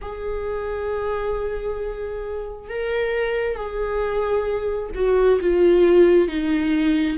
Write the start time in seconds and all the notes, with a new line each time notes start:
0.01 G#4
2.69 A#4
3.55 G#4
4.95 F#4
5.41 F4
6.28 D#4